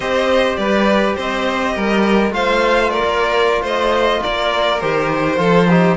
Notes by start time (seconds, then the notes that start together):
0.00 C4 G4 C5 D#5
0.56 G3 B4 D5
1.15 C4 C5 D#5
1.74 G3 A#4
2.30 A3 F4 C5 F5
2.89 A#4 D5
3.03 A#3
3.62 A3 C5 D#5
4.22 A#3 A#4 D5
4.80 D#3 G4 C5
5.36 F3 F4 A4
5.68 D#4 G4